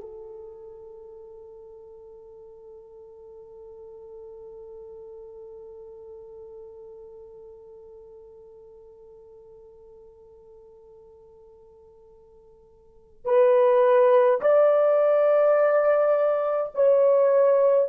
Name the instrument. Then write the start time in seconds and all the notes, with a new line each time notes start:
horn
0.00 A4
13.25 B4
14.41 D5
16.74 C#5